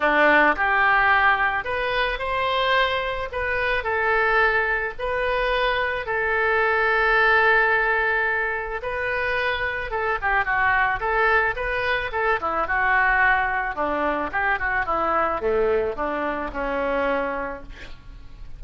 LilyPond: \new Staff \with { instrumentName = "oboe" } { \time 4/4 \tempo 4 = 109 d'4 g'2 b'4 | c''2 b'4 a'4~ | a'4 b'2 a'4~ | a'1 |
b'2 a'8 g'8 fis'4 | a'4 b'4 a'8 e'8 fis'4~ | fis'4 d'4 g'8 fis'8 e'4 | a4 d'4 cis'2 | }